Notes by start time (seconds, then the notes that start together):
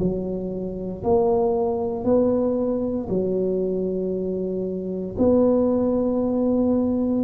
0.00 F#3
1.04 A#3
2.05 B3
3.09 F#3
5.19 B3